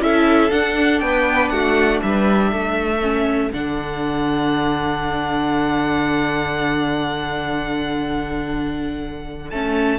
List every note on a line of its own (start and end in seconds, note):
0.00 0.50 C#4
0.00 0.51 E4
0.00 1.04 A4
0.00 0.51 E5
0.51 3.01 D4
0.51 1.02 D4
0.51 0.99 F#5
0.99 1.51 B3
0.99 1.53 B4
0.99 1.49 G5
1.49 2.01 A3
1.49 2.03 F#4
1.49 1.99 F#5
2.02 2.52 G3
2.02 2.50 B4
2.02 3.52 E5
2.50 3.52 A3
2.50 10.00 A4
3.03 3.53 C#4
3.53 9.52 D3
3.53 9.52 D4
3.53 9.50 F#5
9.50 10.00 A3
9.50 10.00 C#4
9.50 10.00 A5